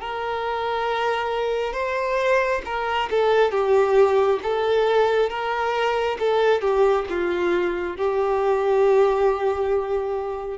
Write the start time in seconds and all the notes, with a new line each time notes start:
0.00 A#4
1.73 C5
2.65 A#4
3.10 A4
3.51 G4
4.43 A4
5.29 A#4
6.19 A4
6.61 G4
7.09 F4
7.97 G4